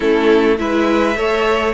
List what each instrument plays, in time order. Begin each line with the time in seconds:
0.00 cello A3, viola C#4, violin E4 A4
0.58 cello G#3, viola E4, violin B4 E5
1.15 cello A3, viola A4, violin C#5